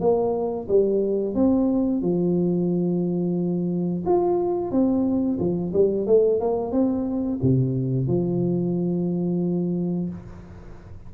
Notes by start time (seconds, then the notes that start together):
0.00 A#3
0.68 G3
1.35 C4
2.02 F3
4.06 F4
4.71 C4
5.39 F3
5.73 G3
6.06 A3
6.40 A#3
6.72 C4
7.42 C3
8.07 F3